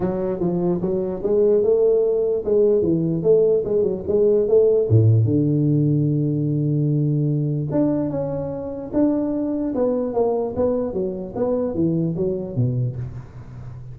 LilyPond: \new Staff \with { instrumentName = "tuba" } { \time 4/4 \tempo 4 = 148 fis4 f4 fis4 gis4 | a2 gis4 e4 | a4 gis8 fis8 gis4 a4 | a,4 d2.~ |
d2. d'4 | cis'2 d'2 | b4 ais4 b4 fis4 | b4 e4 fis4 b,4 | }